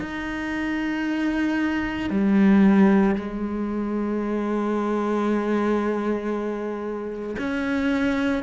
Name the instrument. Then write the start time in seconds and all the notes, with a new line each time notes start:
cello
0.00 D#4
2.10 G3
3.15 G#3
7.39 C#4